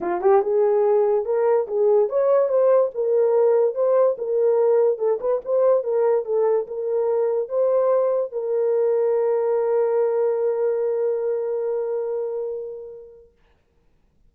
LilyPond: \new Staff \with { instrumentName = "horn" } { \time 4/4 \tempo 4 = 144 f'8 g'8 gis'2 ais'4 | gis'4 cis''4 c''4 ais'4~ | ais'4 c''4 ais'2 | a'8 b'8 c''4 ais'4 a'4 |
ais'2 c''2 | ais'1~ | ais'1~ | ais'1 | }